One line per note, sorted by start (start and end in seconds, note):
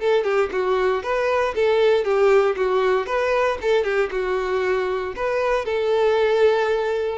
0.00 0.24 A4
0.24 0.50 G4
0.52 1.03 F#4
1.03 1.55 B4
1.55 2.04 A4
2.04 2.56 G4
2.56 3.07 F#4
3.07 3.58 B4
3.62 3.84 A4
3.84 4.10 G4
4.12 5.14 F#4
5.16 5.65 B4
5.65 7.18 A4